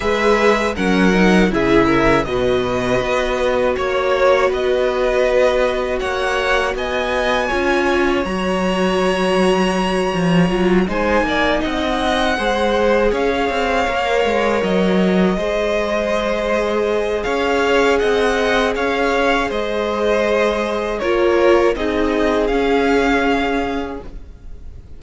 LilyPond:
<<
  \new Staff \with { instrumentName = "violin" } { \time 4/4 \tempo 4 = 80 e''4 fis''4 e''4 dis''4~ | dis''4 cis''4 dis''2 | fis''4 gis''2 ais''4~ | ais''2~ ais''8 gis''4 fis''8~ |
fis''4. f''2 dis''8~ | dis''2. f''4 | fis''4 f''4 dis''2 | cis''4 dis''4 f''2 | }
  \new Staff \with { instrumentName = "violin" } { \time 4/4 b'4 ais'4 gis'8 ais'8 b'4~ | b'4 cis''4 b'2 | cis''4 dis''4 cis''2~ | cis''2~ cis''8 c''8 d''8 dis''8~ |
dis''8 c''4 cis''2~ cis''8~ | cis''8 c''2~ c''8 cis''4 | dis''4 cis''4 c''2 | ais'4 gis'2. | }
  \new Staff \with { instrumentName = "viola" } { \time 4/4 gis'4 cis'8 dis'8 e'4 fis'4~ | fis'1~ | fis'2 f'4 fis'4~ | fis'2 f'8 dis'4.~ |
dis'8 gis'2 ais'4.~ | ais'8 gis'2.~ gis'8~ | gis'1 | f'4 dis'4 cis'2 | }
  \new Staff \with { instrumentName = "cello" } { \time 4/4 gis4 fis4 cis4 b,4 | b4 ais4 b2 | ais4 b4 cis'4 fis4~ | fis4. f8 fis8 gis8 ais8 c'8~ |
c'8 gis4 cis'8 c'8 ais8 gis8 fis8~ | fis8 gis2~ gis8 cis'4 | c'4 cis'4 gis2 | ais4 c'4 cis'2 | }
>>